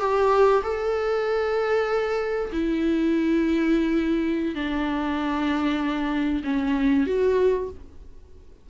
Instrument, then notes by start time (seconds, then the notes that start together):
viola
0.00 G4
0.63 A4
2.52 E4
4.55 D4
6.44 C#4
7.07 F#4